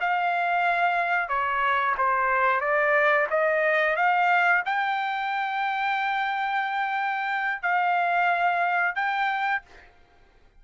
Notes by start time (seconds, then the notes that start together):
0.00 F5
1.28 C#5
1.98 C5
2.61 D5
3.30 D#5
3.96 F5
4.65 G5
7.62 F5
8.95 G5